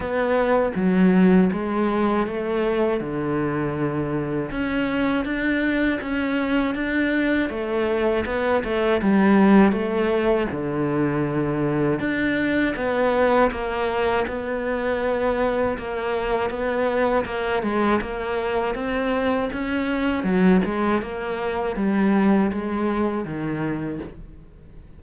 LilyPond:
\new Staff \with { instrumentName = "cello" } { \time 4/4 \tempo 4 = 80 b4 fis4 gis4 a4 | d2 cis'4 d'4 | cis'4 d'4 a4 b8 a8 | g4 a4 d2 |
d'4 b4 ais4 b4~ | b4 ais4 b4 ais8 gis8 | ais4 c'4 cis'4 fis8 gis8 | ais4 g4 gis4 dis4 | }